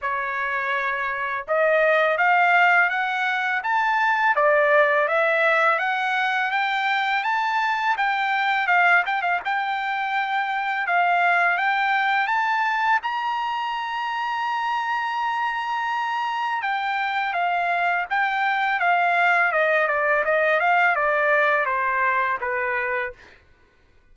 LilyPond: \new Staff \with { instrumentName = "trumpet" } { \time 4/4 \tempo 4 = 83 cis''2 dis''4 f''4 | fis''4 a''4 d''4 e''4 | fis''4 g''4 a''4 g''4 | f''8 g''16 f''16 g''2 f''4 |
g''4 a''4 ais''2~ | ais''2. g''4 | f''4 g''4 f''4 dis''8 d''8 | dis''8 f''8 d''4 c''4 b'4 | }